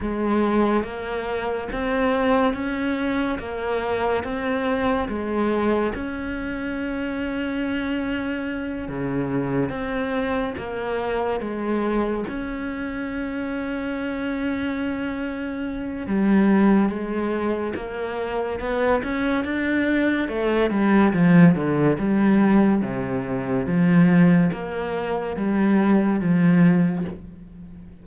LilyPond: \new Staff \with { instrumentName = "cello" } { \time 4/4 \tempo 4 = 71 gis4 ais4 c'4 cis'4 | ais4 c'4 gis4 cis'4~ | cis'2~ cis'8 cis4 c'8~ | c'8 ais4 gis4 cis'4.~ |
cis'2. g4 | gis4 ais4 b8 cis'8 d'4 | a8 g8 f8 d8 g4 c4 | f4 ais4 g4 f4 | }